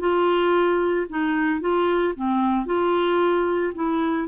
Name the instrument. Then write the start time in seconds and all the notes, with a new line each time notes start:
clarinet
0.00 F4
1.10 D#4
1.61 F4
2.16 C4
2.66 F4
3.75 E4